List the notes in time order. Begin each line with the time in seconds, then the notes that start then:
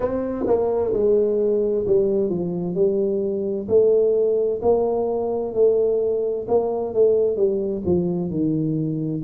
0.00 C4
0.46 A#3
0.93 G#3
1.87 G3
2.29 F3
2.74 G3
3.68 A3
4.62 A#3
5.54 A3
6.47 A#3
6.94 A3
7.36 G3
7.85 F3
8.30 D#3